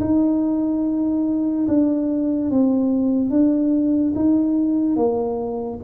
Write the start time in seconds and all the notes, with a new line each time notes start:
0.00 D#4
1.68 D4
2.50 C4
3.30 D4
4.15 D#4
4.96 A#3